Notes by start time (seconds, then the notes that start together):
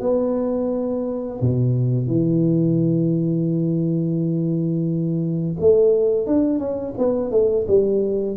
0.00 B3
1.41 B2
2.07 E3
5.60 A3
6.27 D4
6.59 C#4
6.98 B3
7.31 A3
7.67 G3